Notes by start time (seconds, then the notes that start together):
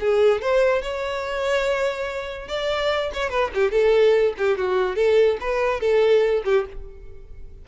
0.00 G#4
0.41 C5
0.82 C#5
2.48 D5
3.13 C#5
3.30 B4
3.54 G4
3.71 A4
4.37 G4
4.57 F#4
4.96 A4
5.40 B4
5.80 A4
6.45 G4